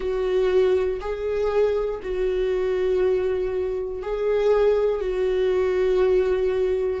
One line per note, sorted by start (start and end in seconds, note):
0.00 1.00 F#4
1.00 2.00 G#4
2.02 4.02 F#4
4.02 5.00 G#4
5.00 7.00 F#4